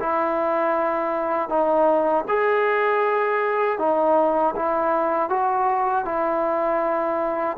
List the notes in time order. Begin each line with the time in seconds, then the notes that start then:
0.00 E4
1.49 D#4
2.29 G#4
3.79 D#4
4.56 E4
5.30 F#4
6.05 E4